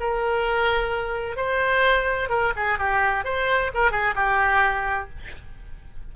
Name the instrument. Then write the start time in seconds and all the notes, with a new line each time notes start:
oboe
0.00 A#4
1.37 C5
2.29 A#4
2.56 G#4
2.79 G4
3.25 C5
3.74 A#4
3.91 G#4
4.15 G4